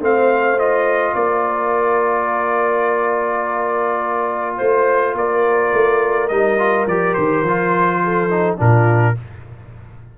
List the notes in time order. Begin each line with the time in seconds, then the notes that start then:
0.00 A3 C4 C5 F5
0.59 F4 D#5
1.15 A#3 A#4 D5
4.57 A3 C5
5.15 A#3 A#4 D5
5.73 A3
6.29 G3 D#4 D#5
6.59 F4
6.87 F3 G4 D5
7.14 D#3 C5
7.42 F3 F4
8.04 A4
8.31 D#4
8.58 A#2 D4 F4 A#4